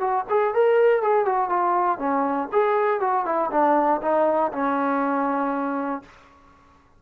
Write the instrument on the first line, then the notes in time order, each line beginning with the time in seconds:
trombone
0.00 F#4
0.29 G#4
0.55 A#4
1.02 G#4
1.26 F#4
1.50 F4
1.99 C#4
2.52 G#4
3.00 F#4
3.25 E4
3.51 D4
4.02 D#4
4.52 C#4